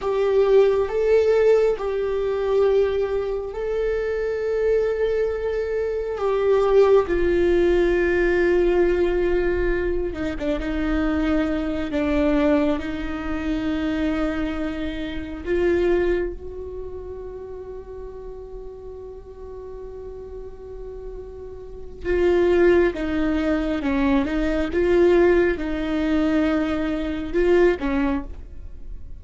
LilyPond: \new Staff \with { instrumentName = "viola" } { \time 4/4 \tempo 4 = 68 g'4 a'4 g'2 | a'2. g'4 | f'2.~ f'8 dis'16 d'16 | dis'4. d'4 dis'4.~ |
dis'4. f'4 fis'4.~ | fis'1~ | fis'4 f'4 dis'4 cis'8 dis'8 | f'4 dis'2 f'8 cis'8 | }